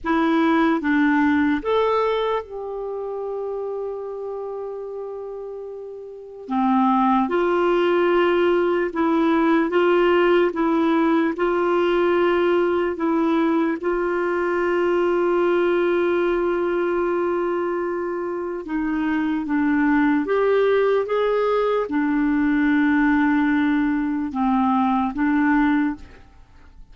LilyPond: \new Staff \with { instrumentName = "clarinet" } { \time 4/4 \tempo 4 = 74 e'4 d'4 a'4 g'4~ | g'1 | c'4 f'2 e'4 | f'4 e'4 f'2 |
e'4 f'2.~ | f'2. dis'4 | d'4 g'4 gis'4 d'4~ | d'2 c'4 d'4 | }